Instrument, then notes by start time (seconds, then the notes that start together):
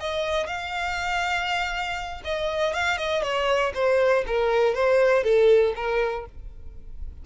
violin
0.00 D#5
0.47 F5
2.24 D#5
2.73 F5
2.97 D#5
3.22 C#5
3.74 C5
4.27 A#4
4.74 C5
5.23 A4
5.75 A#4